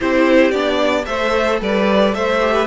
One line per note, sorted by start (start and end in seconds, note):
0.00 0.52 C4
0.00 0.53 E4
0.00 1.05 G4
0.00 0.51 C5
0.51 1.06 B3
0.51 1.05 D4
0.51 1.04 D5
1.05 1.60 A3
1.05 2.39 A4
1.05 1.60 C5
1.05 1.59 E5
1.60 2.14 G3
1.60 2.15 B4
1.60 2.14 D5
2.14 2.66 A3
2.14 2.53 C5
2.14 2.66 E5
2.41 2.66 G4
2.53 2.66 B4